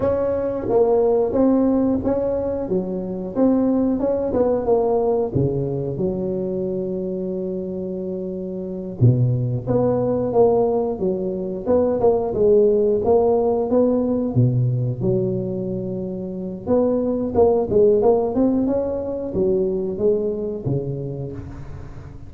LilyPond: \new Staff \with { instrumentName = "tuba" } { \time 4/4 \tempo 4 = 90 cis'4 ais4 c'4 cis'4 | fis4 c'4 cis'8 b8 ais4 | cis4 fis2.~ | fis4. b,4 b4 ais8~ |
ais8 fis4 b8 ais8 gis4 ais8~ | ais8 b4 b,4 fis4.~ | fis4 b4 ais8 gis8 ais8 c'8 | cis'4 fis4 gis4 cis4 | }